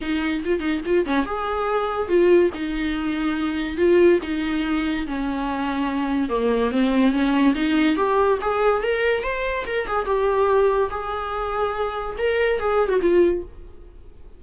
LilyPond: \new Staff \with { instrumentName = "viola" } { \time 4/4 \tempo 4 = 143 dis'4 f'8 dis'8 f'8 cis'8 gis'4~ | gis'4 f'4 dis'2~ | dis'4 f'4 dis'2 | cis'2. ais4 |
c'4 cis'4 dis'4 g'4 | gis'4 ais'4 c''4 ais'8 gis'8 | g'2 gis'2~ | gis'4 ais'4 gis'8. fis'16 f'4 | }